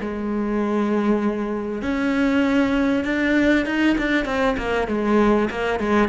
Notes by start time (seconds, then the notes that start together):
0.00 G#3
1.81 C#4
3.04 D4
3.65 D#4
3.98 D4
4.25 C4
4.57 A#3
4.87 G#3
5.50 A#3
5.79 G#3